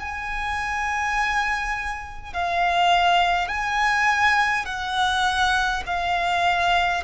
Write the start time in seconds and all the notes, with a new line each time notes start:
0.00 G#5
2.33 F5
3.48 G#5
4.65 F#5
5.86 F5